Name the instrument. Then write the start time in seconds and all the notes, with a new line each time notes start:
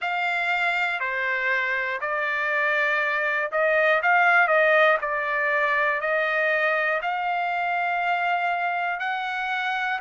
trumpet
0.01 F5
1.00 C5
2.00 D5
3.51 D#5
4.02 F5
4.47 D#5
5.00 D5
6.00 D#5
7.02 F5
9.00 F#5